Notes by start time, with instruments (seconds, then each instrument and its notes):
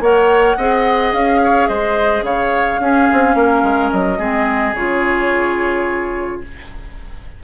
0.00 bassoon A#3, clarinet A#4, oboe C#5, flute F#5
0.58 bassoon C4, clarinet G#4, oboe D#5
1.14 bassoon C#4, flute F5
1.44 oboe C#5
1.68 bassoon G#3, oboe C5, flute D#5
2.23 bassoon C#3, oboe C#5, flute F5
2.80 bassoon C#4, clarinet C#4, oboe G#4
3.13 bassoon C4
3.35 bassoon A#3, oboe A#4
3.63 bassoon G#3
3.91 bassoon F#3, flute D#5
4.19 bassoon G#3, clarinet C4, oboe G#4
4.74 bassoon C#3, clarinet F4, flute C#5